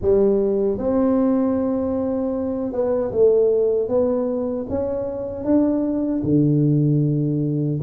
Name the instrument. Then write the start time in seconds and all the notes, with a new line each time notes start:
tuba
0.01 G3
0.78 C4
2.72 B3
3.11 A3
3.88 B3
4.69 C#4
5.44 D4
6.23 D3